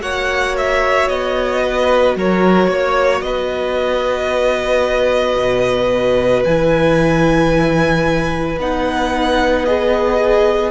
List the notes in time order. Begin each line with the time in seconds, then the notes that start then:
0.00 A#3 F#4 C#5 F#5
0.58 E5
1.09 B3 D#5
1.63 B4
2.16 F#3 A#4 C#5
2.68 A#3 C#5
3.21 B3 B4 D#5
5.37 B2
6.45 E3 E4 G#5
8.59 B3 D#4 F#5
9.65 G#4 D#5